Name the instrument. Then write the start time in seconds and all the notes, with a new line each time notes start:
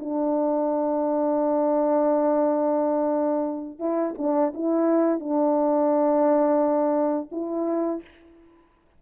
horn
0.00 D4
3.79 E4
4.18 D4
4.54 E4
5.20 D4
7.32 E4